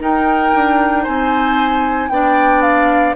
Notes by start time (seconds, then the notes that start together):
0.00 D#4 A#4 G5
0.55 D4
1.04 C4 C5 G#5
2.09 B3 D4 D5 G5
2.62 F5